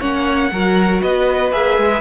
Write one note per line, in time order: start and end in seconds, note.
0.00 0.52 A#3
0.00 0.51 C#4
0.00 0.50 C#5
0.00 1.02 F#5
0.52 1.02 F#3
0.52 1.52 F#4
0.52 1.03 A#4
1.03 1.53 B3
1.03 2.01 B4
1.03 1.53 D#5
1.52 1.78 A#3
1.52 2.01 G#4
1.52 2.01 E5
1.78 2.01 G#3